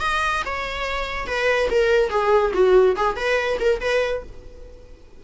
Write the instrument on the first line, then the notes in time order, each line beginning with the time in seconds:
viola
0.00 D#5
0.45 C#5
1.27 B4
1.70 A#4
2.09 G#4
2.53 F#4
2.96 G#4
3.16 B4
3.60 A#4
3.80 B4